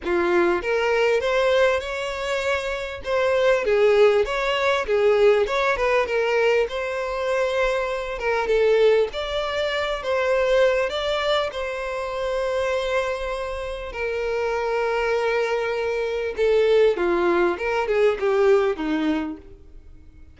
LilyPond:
\new Staff \with { instrumentName = "violin" } { \time 4/4 \tempo 4 = 99 f'4 ais'4 c''4 cis''4~ | cis''4 c''4 gis'4 cis''4 | gis'4 cis''8 b'8 ais'4 c''4~ | c''4. ais'8 a'4 d''4~ |
d''8 c''4. d''4 c''4~ | c''2. ais'4~ | ais'2. a'4 | f'4 ais'8 gis'8 g'4 dis'4 | }